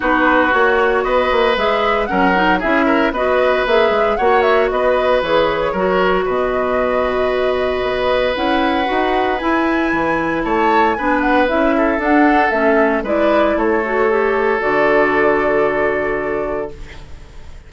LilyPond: <<
  \new Staff \with { instrumentName = "flute" } { \time 4/4 \tempo 4 = 115 b'4 cis''4 dis''4 e''4 | fis''4 e''4 dis''4 e''4 | fis''8 e''8 dis''4 cis''2 | dis''1 |
fis''2 gis''2 | a''4 gis''8 fis''8 e''4 fis''4 | e''4 d''4 cis''2 | d''1 | }
  \new Staff \with { instrumentName = "oboe" } { \time 4/4 fis'2 b'2 | ais'4 gis'8 ais'8 b'2 | cis''4 b'2 ais'4 | b'1~ |
b'1 | cis''4 b'4. a'4.~ | a'4 b'4 a'2~ | a'1 | }
  \new Staff \with { instrumentName = "clarinet" } { \time 4/4 dis'4 fis'2 gis'4 | cis'8 dis'8 e'4 fis'4 gis'4 | fis'2 gis'4 fis'4~ | fis'1 |
e'4 fis'4 e'2~ | e'4 d'4 e'4 d'4 | cis'4 e'4. fis'8 g'4 | fis'1 | }
  \new Staff \with { instrumentName = "bassoon" } { \time 4/4 b4 ais4 b8 ais8 gis4 | fis4 cis'4 b4 ais8 gis8 | ais4 b4 e4 fis4 | b,2. b4 |
cis'4 dis'4 e'4 e4 | a4 b4 cis'4 d'4 | a4 gis4 a2 | d1 | }
>>